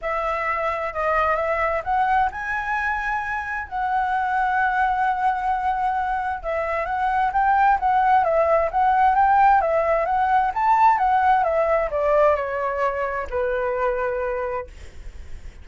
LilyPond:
\new Staff \with { instrumentName = "flute" } { \time 4/4 \tempo 4 = 131 e''2 dis''4 e''4 | fis''4 gis''2. | fis''1~ | fis''2 e''4 fis''4 |
g''4 fis''4 e''4 fis''4 | g''4 e''4 fis''4 a''4 | fis''4 e''4 d''4 cis''4~ | cis''4 b'2. | }